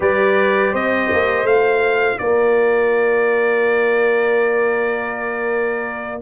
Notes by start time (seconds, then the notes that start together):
0.00 G3 G4 B4 D5
0.72 C4 C5 D#5
1.12 A#3
1.44 A3 F4 F5
2.18 A#3 A#4 D5